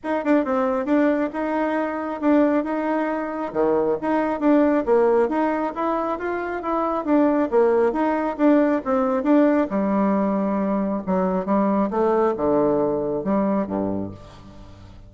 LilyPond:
\new Staff \with { instrumentName = "bassoon" } { \time 4/4 \tempo 4 = 136 dis'8 d'8 c'4 d'4 dis'4~ | dis'4 d'4 dis'2 | dis4 dis'4 d'4 ais4 | dis'4 e'4 f'4 e'4 |
d'4 ais4 dis'4 d'4 | c'4 d'4 g2~ | g4 fis4 g4 a4 | d2 g4 g,4 | }